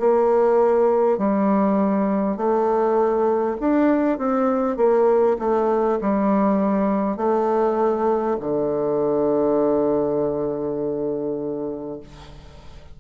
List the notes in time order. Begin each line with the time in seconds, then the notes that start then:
0.00 A#3
1.19 G3
2.37 A3
3.61 D4
4.18 C4
4.77 A#3
5.39 A3
6.02 G3
7.17 A3
8.41 D3